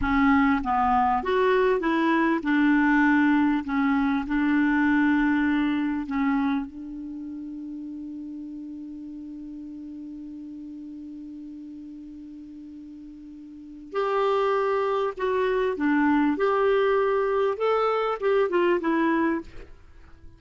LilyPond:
\new Staff \with { instrumentName = "clarinet" } { \time 4/4 \tempo 4 = 99 cis'4 b4 fis'4 e'4 | d'2 cis'4 d'4~ | d'2 cis'4 d'4~ | d'1~ |
d'1~ | d'2. g'4~ | g'4 fis'4 d'4 g'4~ | g'4 a'4 g'8 f'8 e'4 | }